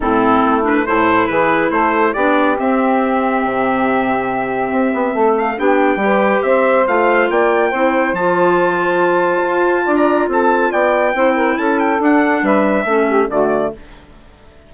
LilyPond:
<<
  \new Staff \with { instrumentName = "trumpet" } { \time 4/4 \tempo 4 = 140 a'4. b'8 c''4 b'4 | c''4 d''4 e''2~ | e''1~ | e''8 f''8 g''2 e''4 |
f''4 g''2 a''4~ | a''2.~ a''16 ais''8. | a''4 g''2 a''8 g''8 | fis''4 e''2 d''4 | }
  \new Staff \with { instrumentName = "saxophone" } { \time 4/4 e'2 a'4 gis'4 | a'4 g'2.~ | g'1 | a'4 g'4 b'4 c''4~ |
c''4 d''4 c''2~ | c''2. d''4 | a'4 d''4 c''8 ais'8 a'4~ | a'4 b'4 a'8 g'8 fis'4 | }
  \new Staff \with { instrumentName = "clarinet" } { \time 4/4 c'4. d'8 e'2~ | e'4 d'4 c'2~ | c'1~ | c'4 d'4 g'2 |
f'2 e'4 f'4~ | f'1~ | f'2 e'2 | d'2 cis'4 a4 | }
  \new Staff \with { instrumentName = "bassoon" } { \time 4/4 a,4 a4 a,4 e4 | a4 b4 c'2 | c2. c'8 b8 | a4 b4 g4 c'4 |
a4 ais4 c'4 f4~ | f2 f'4 d'4 | c'4 b4 c'4 cis'4 | d'4 g4 a4 d4 | }
>>